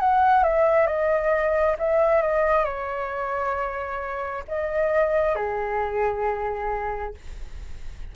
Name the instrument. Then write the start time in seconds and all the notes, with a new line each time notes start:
flute
0.00 F#5
0.44 E5
0.87 D#5
1.79 E5
2.22 D#5
2.65 C#5
4.48 D#5
5.35 G#4